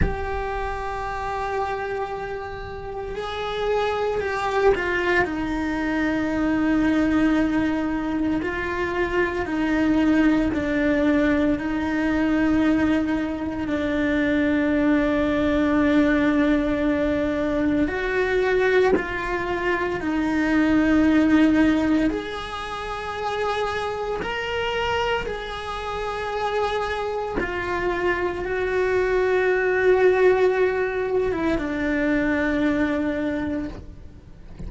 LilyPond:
\new Staff \with { instrumentName = "cello" } { \time 4/4 \tempo 4 = 57 g'2. gis'4 | g'8 f'8 dis'2. | f'4 dis'4 d'4 dis'4~ | dis'4 d'2.~ |
d'4 fis'4 f'4 dis'4~ | dis'4 gis'2 ais'4 | gis'2 f'4 fis'4~ | fis'4.~ fis'16 e'16 d'2 | }